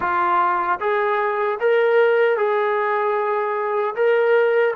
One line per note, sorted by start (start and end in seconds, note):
0.00 0.79 F4
0.79 1.58 G#4
1.60 2.37 A#4
2.37 3.95 G#4
3.95 4.74 A#4